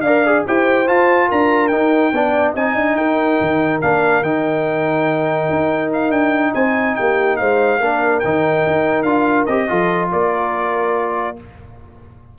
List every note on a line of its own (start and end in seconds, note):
0.00 0.43 D4
0.00 0.26 A#4
0.00 0.46 D5
0.00 0.42 F5
0.26 0.46 G#4
0.46 0.88 E4
0.46 0.87 G4
0.46 1.28 C5
0.46 0.88 G5
0.87 1.71 F4
0.87 1.30 F4
0.87 1.30 A5
1.28 1.72 D4
1.28 2.12 A#4
1.28 1.67 A#5
1.67 2.13 D#4
1.67 2.12 D#4
1.67 2.51 G5
2.12 2.54 B3
2.12 2.56 D4
2.12 2.54 D5
2.54 2.74 C4
2.54 3.81 D#4
2.54 2.96 D#5
2.54 2.96 G#5
2.74 2.95 D4
2.95 3.37 D#4
2.95 6.54 A#4
2.95 3.80 G5
3.40 3.82 D#3
3.81 4.22 A#3
3.81 4.23 D4
3.81 4.23 F5
4.22 5.47 D#3
4.22 7.80 D#4
4.22 5.91 G5
5.50 6.10 D#4
5.92 6.11 F5
6.10 6.52 D4
6.10 6.53 G5
6.53 6.97 C4
6.53 6.96 C5
6.53 6.95 G#5
6.95 7.40 A#3
6.95 7.38 G4
6.95 7.36 G5
7.36 7.79 G#3
7.36 7.80 C5
7.36 8.19 F5
7.79 8.21 A#3
7.79 8.23 D4
7.79 9.69 A#4
8.19 8.66 D#3
8.19 9.05 D#4
8.19 9.02 G5
8.66 9.03 D#4
9.02 9.45 D4
9.02 9.47 F4
9.02 9.44 F5
9.45 9.68 C4
9.45 9.68 G4
9.45 10.08 D#5
9.68 10.12 F3
9.68 11.36 F4
9.68 10.11 A4
10.12 11.38 A#3
10.12 11.37 A#4
10.12 11.37 D5